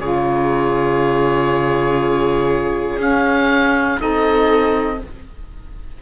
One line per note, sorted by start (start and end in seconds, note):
0.00 2.98 C#3
0.00 2.98 F4
0.00 4.00 G#4
0.00 3.00 C#5
2.98 3.98 C#4
2.98 4.01 F5
3.98 5.02 C4
3.98 4.98 D#4
3.98 5.01 A4
3.98 5.01 D#5